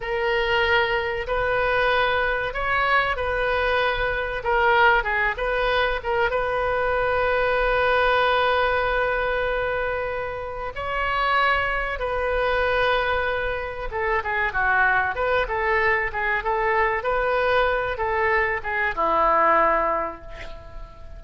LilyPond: \new Staff \with { instrumentName = "oboe" } { \time 4/4 \tempo 4 = 95 ais'2 b'2 | cis''4 b'2 ais'4 | gis'8 b'4 ais'8 b'2~ | b'1~ |
b'4 cis''2 b'4~ | b'2 a'8 gis'8 fis'4 | b'8 a'4 gis'8 a'4 b'4~ | b'8 a'4 gis'8 e'2 | }